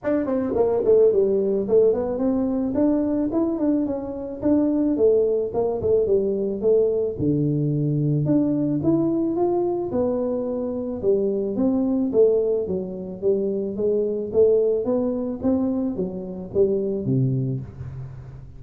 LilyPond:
\new Staff \with { instrumentName = "tuba" } { \time 4/4 \tempo 4 = 109 d'8 c'8 ais8 a8 g4 a8 b8 | c'4 d'4 e'8 d'8 cis'4 | d'4 a4 ais8 a8 g4 | a4 d2 d'4 |
e'4 f'4 b2 | g4 c'4 a4 fis4 | g4 gis4 a4 b4 | c'4 fis4 g4 c4 | }